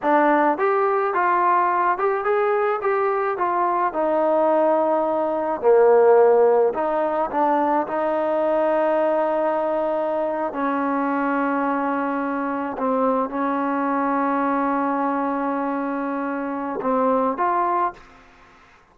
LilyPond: \new Staff \with { instrumentName = "trombone" } { \time 4/4 \tempo 4 = 107 d'4 g'4 f'4. g'8 | gis'4 g'4 f'4 dis'4~ | dis'2 ais2 | dis'4 d'4 dis'2~ |
dis'2~ dis'8. cis'4~ cis'16~ | cis'2~ cis'8. c'4 cis'16~ | cis'1~ | cis'2 c'4 f'4 | }